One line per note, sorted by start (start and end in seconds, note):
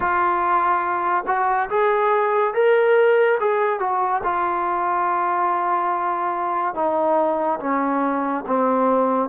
0.00 1.24 F4
1.26 1.69 F#4
1.69 2.54 G#4
2.54 3.38 A#4
3.40 3.79 G#4
3.79 4.21 F#4
4.23 6.74 F4
6.74 7.59 D#4
7.59 8.44 C#4
8.47 9.29 C4